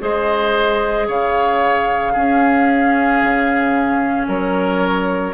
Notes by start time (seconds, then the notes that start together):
0.00 G#3 G#4 C5 D#5
1.08 C#3 C#5 F5
2.13 C#4 G#4
3.23 C#3
4.28 F#3 A#4 C#5